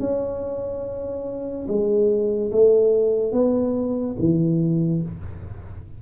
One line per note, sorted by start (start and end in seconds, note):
0.00 1.67 C#4
1.67 2.51 G#3
2.52 3.32 A3
3.32 4.16 B3
4.19 5.02 E3